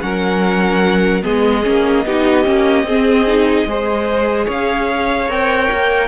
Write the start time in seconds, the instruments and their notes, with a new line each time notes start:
0.00 cello F#3, viola C#4, violin A#4 F#5
1.22 cello G#3, viola B3, violin G#4 D#5
1.63 cello A#3, viola C#4
2.06 cello B3, viola D#4, violin G4
2.44 cello A#3, viola C#4
2.83 cello C4, viola C4, violin G#4
3.27 viola D#4
3.66 cello G#3, viola G#4, violin C5
4.46 cello C#4, violin C#5 F5
5.28 cello C4, viola A#4, violin G5
5.71 cello A#3